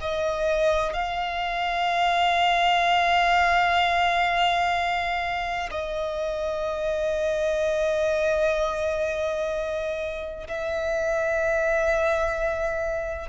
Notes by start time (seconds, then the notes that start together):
0.00 D#5
0.93 F5
5.71 D#5
10.47 E5